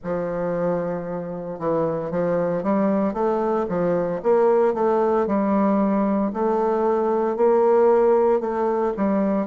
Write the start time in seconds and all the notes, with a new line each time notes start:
0.03 F3
1.59 E3
2.11 F3
2.63 G3
3.13 A3
3.68 F3
4.22 A#3
4.74 A3
5.26 G3
6.33 A3
7.36 A#3
8.40 A3
8.96 G3